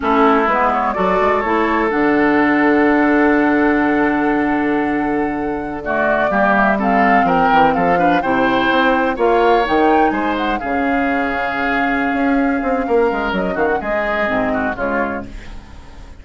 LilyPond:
<<
  \new Staff \with { instrumentName = "flute" } { \time 4/4 \tempo 4 = 126 a'4 b'8 cis''8 d''4 cis''4 | fis''1~ | fis''1~ | fis''16 d''4. e''8 f''4 g''8.~ |
g''16 f''4 g''2 f''8.~ | f''16 g''4 gis''8 fis''8 f''4.~ f''16~ | f''1 | dis''8 f''16 fis''16 dis''2 cis''4 | }
  \new Staff \with { instrumentName = "oboe" } { \time 4/4 e'2 a'2~ | a'1~ | a'1~ | a'16 fis'4 g'4 a'4 ais'8.~ |
ais'16 a'8 b'8 c''2 cis''8.~ | cis''4~ cis''16 c''4 gis'4.~ gis'16~ | gis'2. ais'4~ | ais'8 fis'8 gis'4. fis'8 f'4 | }
  \new Staff \with { instrumentName = "clarinet" } { \time 4/4 cis'4 b4 fis'4 e'4 | d'1~ | d'1~ | d'16 a4 ais4 c'4.~ c'16~ |
c'8. d'8 e'2 f'8.~ | f'16 dis'2 cis'4.~ cis'16~ | cis'1~ | cis'2 c'4 gis4 | }
  \new Staff \with { instrumentName = "bassoon" } { \time 4/4 a4 gis4 fis8 gis8 a4 | d1~ | d1~ | d4~ d16 g2 f8 e16~ |
e16 f4 c4 c'4 ais8.~ | ais16 dis4 gis4 cis4.~ cis16~ | cis4. cis'4 c'8 ais8 gis8 | fis8 dis8 gis4 gis,4 cis4 | }
>>